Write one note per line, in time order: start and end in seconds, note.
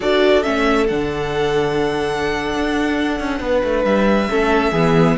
0.00 0.45 D4
0.00 0.43 F#4
0.00 3.41 A4
0.00 0.42 D5
0.42 0.90 A3
0.42 0.87 C#4
0.42 0.87 E5
0.87 2.55 D3
0.87 4.29 D4
0.87 3.84 F#5
2.55 3.19 D4
3.19 3.40 C#4
3.40 3.62 B3
3.40 4.29 B4
3.63 3.84 A3
3.84 4.28 G3
3.84 5.16 E5
4.29 4.72 A3
4.29 4.73 C#4
4.29 4.72 A4
4.72 5.16 E3
4.72 5.18 B3
4.72 5.16 G#4